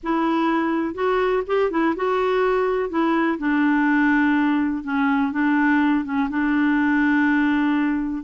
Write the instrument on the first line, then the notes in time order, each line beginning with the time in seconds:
clarinet
0.03 E4
0.94 F#4
1.46 G4
1.70 E4
1.96 F#4
2.89 E4
3.38 D4
4.83 C#4
5.32 D4
6.04 C#4
6.29 D4